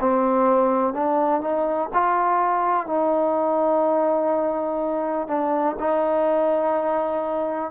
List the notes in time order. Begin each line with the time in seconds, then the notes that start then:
0.00 C4
0.94 D4
1.41 D#4
1.94 F4
2.87 D#4
5.28 D4
5.79 D#4